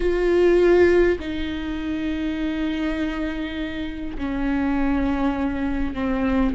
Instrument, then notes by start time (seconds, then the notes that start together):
viola
0.00 F4
1.19 D#4
4.17 C#4
5.94 C4